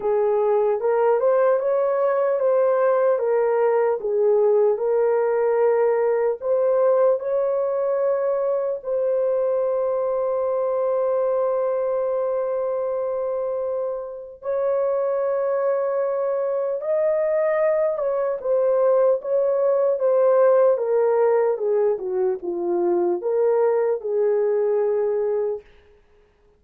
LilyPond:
\new Staff \with { instrumentName = "horn" } { \time 4/4 \tempo 4 = 75 gis'4 ais'8 c''8 cis''4 c''4 | ais'4 gis'4 ais'2 | c''4 cis''2 c''4~ | c''1~ |
c''2 cis''2~ | cis''4 dis''4. cis''8 c''4 | cis''4 c''4 ais'4 gis'8 fis'8 | f'4 ais'4 gis'2 | }